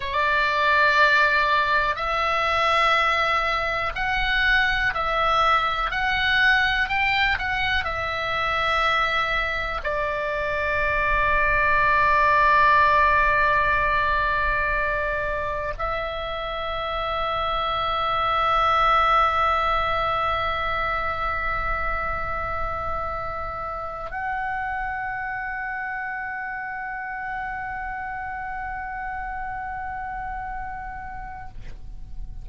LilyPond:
\new Staff \with { instrumentName = "oboe" } { \time 4/4 \tempo 4 = 61 d''2 e''2 | fis''4 e''4 fis''4 g''8 fis''8 | e''2 d''2~ | d''1 |
e''1~ | e''1~ | e''8 fis''2.~ fis''8~ | fis''1 | }